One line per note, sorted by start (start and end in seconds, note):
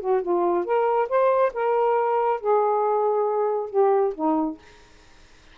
0.00 0.22 F#4
0.22 0.65 F4
0.65 1.08 A#4
1.09 1.52 C5
1.53 2.40 A#4
2.40 3.70 G#4
3.70 4.13 G4
4.14 4.58 D#4